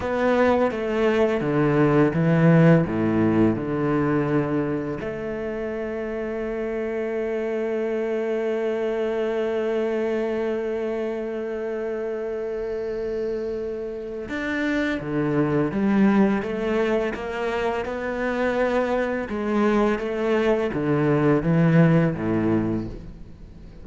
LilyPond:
\new Staff \with { instrumentName = "cello" } { \time 4/4 \tempo 4 = 84 b4 a4 d4 e4 | a,4 d2 a4~ | a1~ | a1~ |
a1 | d'4 d4 g4 a4 | ais4 b2 gis4 | a4 d4 e4 a,4 | }